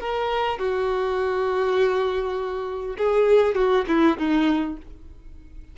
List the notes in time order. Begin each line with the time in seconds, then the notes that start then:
0.00 A#4
0.58 F#4
2.98 G#4
3.55 F#4
3.87 E4
4.18 D#4